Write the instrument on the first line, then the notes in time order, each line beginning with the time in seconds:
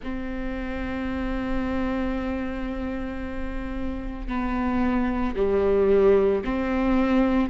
viola
0.03 C4
4.28 B3
5.36 G3
6.44 C4